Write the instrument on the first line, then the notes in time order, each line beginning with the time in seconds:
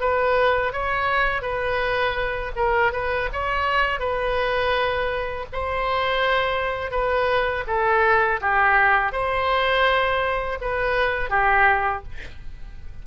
oboe
0.00 B4
0.73 C#5
1.42 B4
2.55 A#4
2.92 B4
3.32 C#5
3.99 B4
5.52 C5
6.91 B4
7.67 A4
8.41 G4
9.12 C5
10.61 B4
11.29 G4